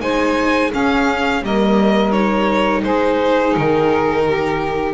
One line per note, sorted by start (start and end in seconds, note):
0.00 0.71 G#3
0.00 0.71 D#4
0.00 0.70 C5
0.00 0.71 G#5
0.70 1.43 C#4
0.70 1.42 C#4
0.70 1.41 G#4
0.70 1.44 F5
1.42 2.83 G3
1.42 2.12 A#3
1.42 2.81 A#4
1.42 2.11 D#5
2.11 4.94 D#4
2.11 2.82 C#5
2.81 3.54 G#3
2.81 4.22 G#4
2.81 3.54 C5
3.54 4.94 D#3
3.54 4.94 A#4
4.25 4.94 G4